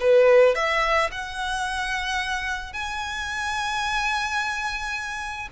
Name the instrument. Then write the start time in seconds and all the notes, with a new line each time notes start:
violin
0.00 B4
0.55 E5
1.11 F#5
2.73 G#5